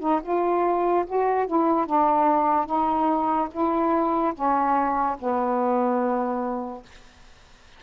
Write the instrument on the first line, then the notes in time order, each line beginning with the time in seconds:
saxophone
0.00 D#4
0.23 F4
1.06 F#4
1.47 E4
1.86 D4
2.66 D#4
3.51 E4
4.34 C#4
5.19 B3